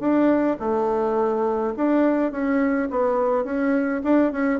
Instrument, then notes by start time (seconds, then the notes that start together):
bassoon
0.00 D4
0.60 A3
1.77 D4
2.32 C#4
2.91 B3
3.45 C#4
4.04 D4
4.32 C#4